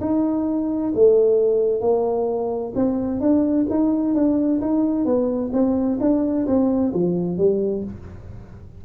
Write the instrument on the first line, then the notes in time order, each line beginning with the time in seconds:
tuba
0.00 D#4
0.94 A3
1.80 A#3
2.75 C4
3.20 D4
3.69 D#4
4.14 D4
4.60 D#4
5.05 B3
5.52 C4
6.00 D4
6.46 C4
6.93 F3
7.37 G3